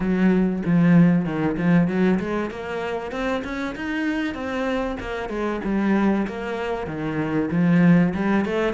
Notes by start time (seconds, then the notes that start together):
0.00 F#3
0.65 F3
1.25 D#3
1.57 F3
1.88 F#3
2.19 G#3
2.50 A#3
3.11 C4
3.43 C#4
3.75 D#4
4.34 C4
5.00 A#3
5.29 G#3
5.64 G3
6.27 A#3
6.87 D#3
7.51 F3
8.14 G3
8.45 A3